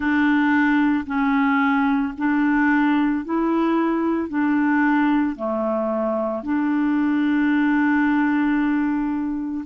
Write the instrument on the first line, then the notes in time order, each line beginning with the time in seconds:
clarinet
0.00 D4
1.06 C#4
2.17 D4
3.24 E4
4.29 D4
5.36 A3
6.43 D4